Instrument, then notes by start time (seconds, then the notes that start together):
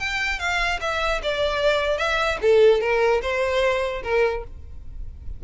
violin
0.00 G5
0.39 F5
0.81 E5
1.23 D5
1.98 E5
2.42 A4
2.81 A#4
3.22 C5
4.03 A#4